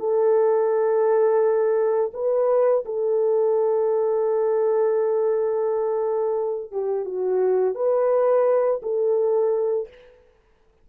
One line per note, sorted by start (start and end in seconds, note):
0.00 2.12 A4
2.14 2.85 B4
2.86 6.72 A4
6.72 7.06 G4
7.06 7.75 F#4
7.75 8.81 B4
8.83 9.89 A4